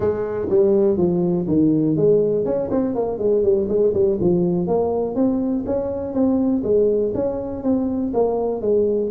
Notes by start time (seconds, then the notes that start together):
0.00 G#3
0.49 G3
0.97 F3
1.47 D#3
1.96 G#3
2.45 C#4
2.70 C4
2.95 A#3
3.18 G#3
3.43 G3
3.68 G#3
3.93 G3
4.20 F3
4.67 A#3
5.15 C4
5.66 C#4
6.13 C4
6.63 G#3
7.14 C#4
7.63 C4
8.13 A#3
8.61 G#3